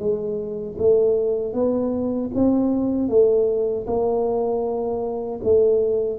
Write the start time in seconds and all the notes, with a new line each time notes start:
0.00 G#3
0.79 A3
1.54 B3
2.35 C4
3.09 A3
3.87 A#3
5.44 A3